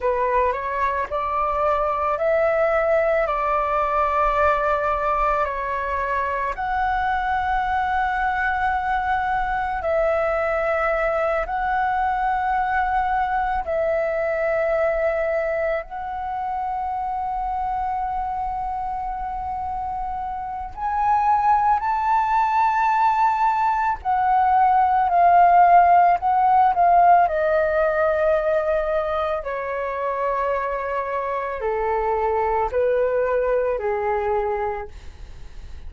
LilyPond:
\new Staff \with { instrumentName = "flute" } { \time 4/4 \tempo 4 = 55 b'8 cis''8 d''4 e''4 d''4~ | d''4 cis''4 fis''2~ | fis''4 e''4. fis''4.~ | fis''8 e''2 fis''4.~ |
fis''2. gis''4 | a''2 fis''4 f''4 | fis''8 f''8 dis''2 cis''4~ | cis''4 a'4 b'4 gis'4 | }